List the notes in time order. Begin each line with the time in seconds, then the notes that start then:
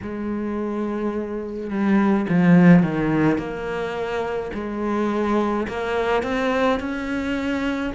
0.02 G#3
1.70 G3
2.29 F3
2.83 D#3
3.38 A#3
4.53 G#3
5.68 A#3
6.23 C4
6.79 C#4